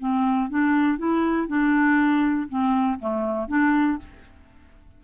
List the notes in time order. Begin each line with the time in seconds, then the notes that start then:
0.00 C4
0.50 D4
0.99 E4
1.48 D4
2.49 C4
3.00 A3
3.48 D4